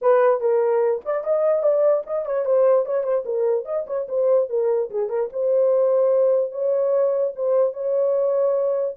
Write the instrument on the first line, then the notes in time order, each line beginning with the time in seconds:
horn
0.01 B4
0.40 A#4
1.05 D5
1.24 D#5
1.62 D5
2.06 D#5
2.25 C#5
2.45 C5
2.85 C#5
3.03 C5
3.25 A#4
3.65 D#5
3.86 C#5
4.08 C5
4.49 A#4
4.90 G#4
5.09 A#4
5.32 C5
6.51 C#5
7.35 C5
7.73 C#5